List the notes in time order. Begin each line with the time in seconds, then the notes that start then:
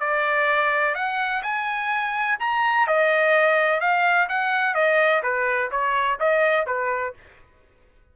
0.00 D5
0.95 F#5
1.43 G#5
2.40 A#5
2.87 D#5
3.81 F5
4.29 F#5
4.74 D#5
5.23 B4
5.71 C#5
6.20 D#5
6.66 B4